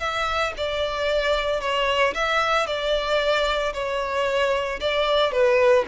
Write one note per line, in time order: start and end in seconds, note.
0.00 0.53 E5
0.57 1.61 D5
1.61 2.14 C#5
2.14 2.67 E5
2.67 3.73 D5
3.74 4.80 C#5
4.81 5.32 D5
5.32 5.85 B4